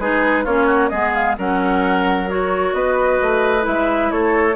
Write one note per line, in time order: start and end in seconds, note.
0.00 0.46 G#3
0.00 0.47 D#4
0.00 0.45 G#4
0.00 0.46 B4
0.45 0.92 A#3
0.45 0.92 C#4
0.45 0.67 F4
0.45 0.89 C#5
0.67 0.90 F#4
0.89 1.38 G#3
0.89 1.37 B3
0.89 1.37 G#4
0.89 1.12 D#5
1.14 1.37 F5
1.38 2.74 F#3
1.38 2.28 C#4
1.38 2.75 A#4
1.38 2.30 F#5
2.28 3.62 F#4
2.28 2.74 C#5
2.74 3.19 B3
2.74 4.13 B4
2.74 3.66 D#5
3.22 3.67 A3
3.62 4.12 G#3
3.62 4.53 E4
3.62 4.12 E5
4.12 4.56 A3
4.12 4.56 A4
4.12 4.56 C#5